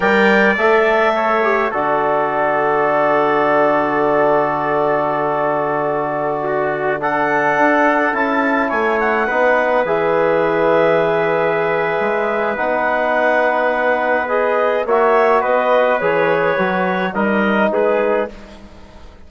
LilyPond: <<
  \new Staff \with { instrumentName = "clarinet" } { \time 4/4 \tempo 4 = 105 g''4 e''2 d''4~ | d''1~ | d''1~ | d''16 fis''2 a''4 gis''8 fis''16~ |
fis''4~ fis''16 e''2~ e''8.~ | e''2 fis''2~ | fis''4 dis''4 e''4 dis''4 | cis''2 dis''4 b'4 | }
  \new Staff \with { instrumentName = "trumpet" } { \time 4/4 d''2 cis''4 a'4~ | a'1~ | a'2.~ a'16 fis'8.~ | fis'16 a'2. cis''8.~ |
cis''16 b'2.~ b'8.~ | b'1~ | b'2 cis''4 b'4~ | b'2 ais'4 gis'4 | }
  \new Staff \with { instrumentName = "trombone" } { \time 4/4 ais'4 a'4. g'8 fis'4~ | fis'1~ | fis'1~ | fis'16 d'2 e'4.~ e'16~ |
e'16 dis'4 gis'2~ gis'8.~ | gis'2 dis'2~ | dis'4 gis'4 fis'2 | gis'4 fis'4 dis'2 | }
  \new Staff \with { instrumentName = "bassoon" } { \time 4/4 g4 a2 d4~ | d1~ | d1~ | d4~ d16 d'4 cis'4 a8.~ |
a16 b4 e2~ e8.~ | e4 gis4 b2~ | b2 ais4 b4 | e4 fis4 g4 gis4 | }
>>